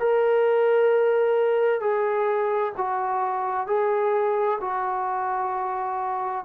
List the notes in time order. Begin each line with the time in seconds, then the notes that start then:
0.00 A#4
1.81 G#4
2.78 F#4
3.67 G#4
4.62 F#4